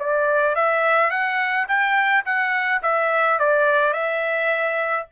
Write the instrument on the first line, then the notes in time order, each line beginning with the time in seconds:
trumpet
0.00 D5
0.55 E5
1.11 F#5
1.68 G5
2.25 F#5
2.83 E5
3.40 D5
3.94 E5